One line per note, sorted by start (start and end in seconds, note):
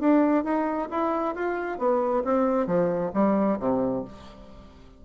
0.00 0.44 D4
0.44 0.88 D#4
0.91 1.35 E4
1.35 1.78 F4
1.78 2.23 B3
2.24 2.66 C4
2.66 3.11 F3
3.13 3.58 G3
3.59 4.04 C3